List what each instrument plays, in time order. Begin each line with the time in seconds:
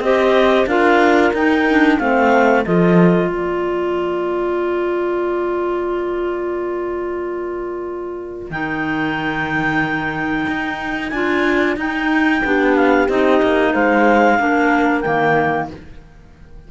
0.00 cello C4, clarinet G4 D#5, horn C5
0.67 cello D4, clarinet F4 F5, horn A#4
1.34 cello D#4, clarinet D#4 G5
1.70 clarinet D4
1.99 cello A3, clarinet C4 F5, horn C5
2.65 cello F3, clarinet F4 D#5, horn A4
3.30 cello A#3, horn A#4, clarinet D5
8.51 cello D#3, clarinet D#4 G5
10.48 cello D#4
11.10 cello D4, clarinet F4 G#5
11.77 cello D#4, clarinet D#4 G5
12.44 cello B3, clarinet D4, horn G4
12.76 clarinet F5
13.09 cello C4, clarinet D#4 D#5
13.43 cello A#3
13.74 cello G#3, horn C5, clarinet F5
14.39 cello A#3, clarinet D4, horn A#4
15.01 cello D#3, clarinet A#3 G5